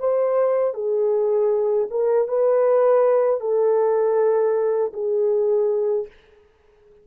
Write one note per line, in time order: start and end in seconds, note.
0.00 0.75 C5
0.75 1.88 G#4
1.91 2.28 A#4
2.28 3.41 B4
3.41 4.93 A4
4.94 6.08 G#4